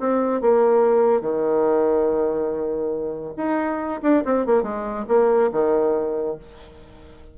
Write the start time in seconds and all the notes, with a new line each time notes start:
0.00 C4
0.41 A#3
1.21 D#3
3.37 D#4
4.02 D4
4.25 C4
4.46 A#3
4.63 G#3
5.08 A#3
5.52 D#3